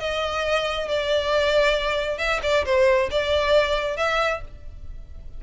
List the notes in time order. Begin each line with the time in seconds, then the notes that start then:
0.00 D#5
0.88 D5
2.18 E5
2.43 D5
2.65 C5
3.11 D5
3.97 E5